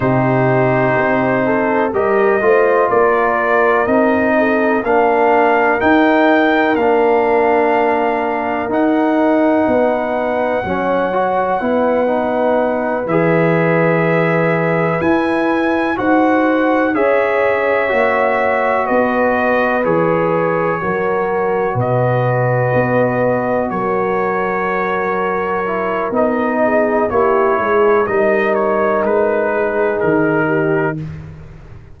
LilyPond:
<<
  \new Staff \with { instrumentName = "trumpet" } { \time 4/4 \tempo 4 = 62 c''2 dis''4 d''4 | dis''4 f''4 g''4 f''4~ | f''4 fis''2.~ | fis''4. e''2 gis''8~ |
gis''8 fis''4 e''2 dis''8~ | dis''8 cis''2 dis''4.~ | dis''8 cis''2~ cis''8 dis''4 | cis''4 dis''8 cis''8 b'4 ais'4 | }
  \new Staff \with { instrumentName = "horn" } { \time 4/4 g'4. a'8 ais'8 c''8 ais'4~ | ais'8 a'8 ais'2.~ | ais'2 b'4 cis''4 | b'1~ |
b'8 c''4 cis''2 b'8~ | b'4. ais'4 b'4.~ | b'8 ais'2. gis'8 | g'8 gis'8 ais'4. gis'4 g'8 | }
  \new Staff \with { instrumentName = "trombone" } { \time 4/4 dis'2 g'8 f'4. | dis'4 d'4 dis'4 d'4~ | d'4 dis'2 cis'8 fis'8 | e'8 dis'4 gis'2 e'8~ |
e'8 fis'4 gis'4 fis'4.~ | fis'8 gis'4 fis'2~ fis'8~ | fis'2~ fis'8 e'8 dis'4 | e'4 dis'2. | }
  \new Staff \with { instrumentName = "tuba" } { \time 4/4 c4 c'4 g8 a8 ais4 | c'4 ais4 dis'4 ais4~ | ais4 dis'4 b4 fis4 | b4. e2 e'8~ |
e'8 dis'4 cis'4 ais4 b8~ | b8 e4 fis4 b,4 b8~ | b8 fis2~ fis8 b4 | ais8 gis8 g4 gis4 dis4 | }
>>